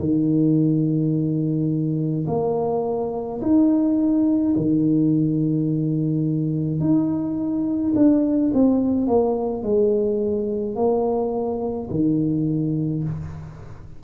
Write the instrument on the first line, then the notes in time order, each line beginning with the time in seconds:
tuba
0.00 D#3
2.28 A#3
3.42 D#4
4.57 D#3
6.80 D#4
7.96 D4
8.54 C4
9.08 A#3
9.63 G#3
10.76 A#3
11.91 D#3